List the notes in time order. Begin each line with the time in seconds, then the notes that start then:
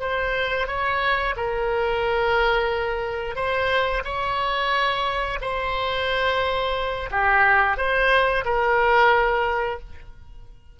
0.00 C5
0.67 C#5
1.36 A#4
3.35 C5
4.04 C#5
5.41 C5
7.11 G4
7.77 C5
8.45 A#4